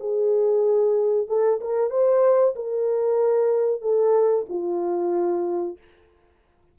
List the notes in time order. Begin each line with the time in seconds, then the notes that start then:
0.00 G#4
1.28 A4
1.60 A#4
1.90 C5
2.55 A#4
3.82 A4
4.49 F4